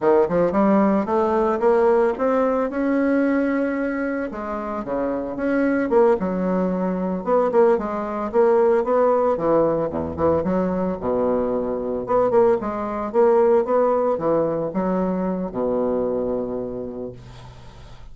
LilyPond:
\new Staff \with { instrumentName = "bassoon" } { \time 4/4 \tempo 4 = 112 dis8 f8 g4 a4 ais4 | c'4 cis'2. | gis4 cis4 cis'4 ais8 fis8~ | fis4. b8 ais8 gis4 ais8~ |
ais8 b4 e4 e,8 e8 fis8~ | fis8 b,2 b8 ais8 gis8~ | gis8 ais4 b4 e4 fis8~ | fis4 b,2. | }